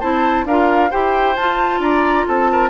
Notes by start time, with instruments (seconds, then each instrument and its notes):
0.00 bassoon C4, clarinet E4, oboe C5, flute A5
0.45 bassoon D4, clarinet F4, oboe A#4, flute F5
0.90 bassoon E4, clarinet G4, oboe C5, flute G5
1.36 bassoon F4, clarinet F4, flute A5
1.79 bassoon D4, oboe D5, flute A#5
2.28 bassoon C4, oboe A4, flute A5
2.52 oboe A#4